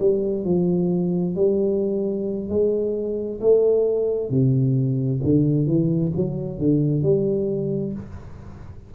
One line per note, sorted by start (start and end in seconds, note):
0.00 0.45 G3
0.45 1.36 F3
1.36 2.49 G3
2.49 3.40 G#3
3.41 4.30 A3
4.30 5.21 C3
5.24 5.67 D3
5.67 6.12 E3
6.16 6.59 F#3
6.59 7.02 D3
7.02 7.93 G3